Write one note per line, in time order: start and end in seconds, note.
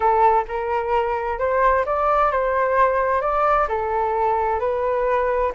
0.00 0.44 A4
0.48 1.38 A#4
1.38 1.85 C5
1.85 2.31 D5
2.31 3.21 C5
3.21 3.67 D5
3.68 4.59 A4
4.59 5.52 B4